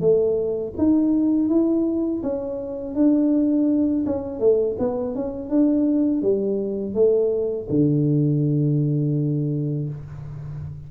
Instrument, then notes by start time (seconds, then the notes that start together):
tuba
0.00 A3
0.77 D#4
1.48 E4
2.23 C#4
2.94 D4
4.06 C#4
4.39 A3
4.79 B3
5.15 C#4
5.49 D4
6.22 G3
6.94 A3
7.69 D3